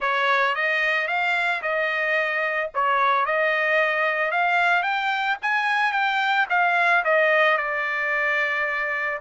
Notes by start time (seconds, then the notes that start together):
0.00 C#5
0.55 D#5
1.07 F5
1.62 D#5
2.74 C#5
3.25 D#5
4.31 F5
4.82 G5
5.42 G#5
5.92 G5
6.49 F5
7.04 D#5
7.57 D5